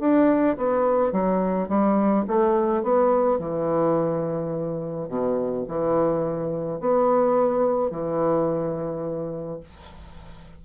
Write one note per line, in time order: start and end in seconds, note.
0.00 0.57 D4
0.57 1.12 B3
1.12 1.69 F#3
1.69 2.25 G3
2.27 2.83 A3
2.83 3.39 B3
3.39 5.09 E3
5.09 5.65 B2
5.68 6.80 E3
6.80 7.91 B3
7.91 9.60 E3